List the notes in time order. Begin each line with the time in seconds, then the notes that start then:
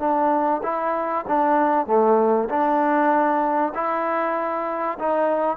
0.00 D4
0.64 E4
1.28 D4
1.87 A3
2.50 D4
3.75 E4
4.99 D#4